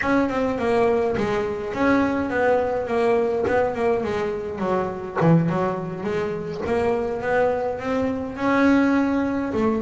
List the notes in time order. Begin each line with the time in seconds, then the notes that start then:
0.01 C#4
0.29 C4
0.58 A#3
1.17 G#3
1.73 C#4
2.30 B3
2.87 A#3
3.47 B3
3.74 A#3
4.03 G#3
4.59 F#3
5.21 E3
5.49 F#3
6.03 G#3
6.66 A#3
7.21 B3
7.79 C4
8.37 C#4
9.53 A3